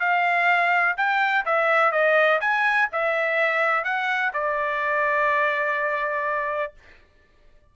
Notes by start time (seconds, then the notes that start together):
0.00 F5
0.97 G5
1.45 E5
1.92 D#5
2.40 G#5
2.92 E5
3.84 F#5
4.33 D5